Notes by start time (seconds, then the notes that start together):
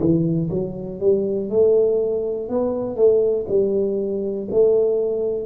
0.00 E3
0.50 F#3
1.00 G3
1.50 A3
2.49 B3
2.96 A3
3.49 G3
4.51 A3